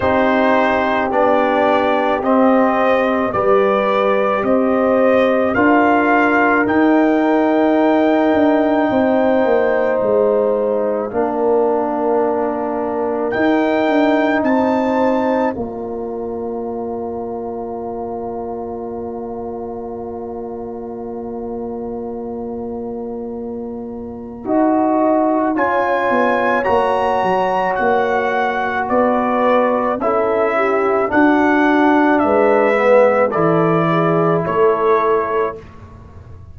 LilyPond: <<
  \new Staff \with { instrumentName = "trumpet" } { \time 4/4 \tempo 4 = 54 c''4 d''4 dis''4 d''4 | dis''4 f''4 g''2~ | g''4 f''2. | g''4 a''4 ais''2~ |
ais''1~ | ais''2. gis''4 | ais''4 fis''4 d''4 e''4 | fis''4 e''4 d''4 cis''4 | }
  \new Staff \with { instrumentName = "horn" } { \time 4/4 g'2. b'4 | c''4 ais'2. | c''2 ais'2~ | ais'4 c''4 d''2~ |
d''1~ | d''2 dis''4 cis''4~ | cis''2 b'4 a'8 g'8 | fis'4 b'4 a'8 gis'8 a'4 | }
  \new Staff \with { instrumentName = "trombone" } { \time 4/4 dis'4 d'4 c'4 g'4~ | g'4 f'4 dis'2~ | dis'2 d'2 | dis'2 f'2~ |
f'1~ | f'2 fis'4 f'4 | fis'2. e'4 | d'4. b8 e'2 | }
  \new Staff \with { instrumentName = "tuba" } { \time 4/4 c'4 b4 c'4 g4 | c'4 d'4 dis'4. d'8 | c'8 ais8 gis4 ais2 | dis'8 d'8 c'4 ais2~ |
ais1~ | ais2 dis'4 cis'8 b8 | ais8 fis8 ais4 b4 cis'4 | d'4 gis4 e4 a4 | }
>>